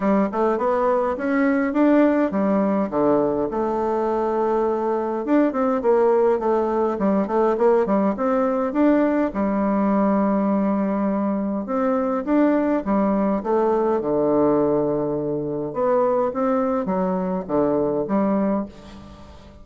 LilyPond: \new Staff \with { instrumentName = "bassoon" } { \time 4/4 \tempo 4 = 103 g8 a8 b4 cis'4 d'4 | g4 d4 a2~ | a4 d'8 c'8 ais4 a4 | g8 a8 ais8 g8 c'4 d'4 |
g1 | c'4 d'4 g4 a4 | d2. b4 | c'4 fis4 d4 g4 | }